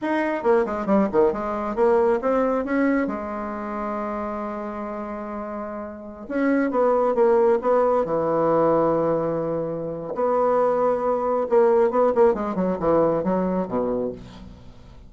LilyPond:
\new Staff \with { instrumentName = "bassoon" } { \time 4/4 \tempo 4 = 136 dis'4 ais8 gis8 g8 dis8 gis4 | ais4 c'4 cis'4 gis4~ | gis1~ | gis2~ gis16 cis'4 b8.~ |
b16 ais4 b4 e4.~ e16~ | e2. b4~ | b2 ais4 b8 ais8 | gis8 fis8 e4 fis4 b,4 | }